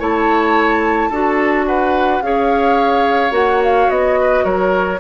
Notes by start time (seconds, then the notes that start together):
0.00 A3 E4 C#5 A5
1.10 D4 F#4 A4
1.67 B4 F#5
2.21 C#4 G#4 C#5 F5
3.31 A#3 F#4 F#5
3.64 F5
3.90 B3 D#5
4.21 B4
4.45 F#3 A#4 C#5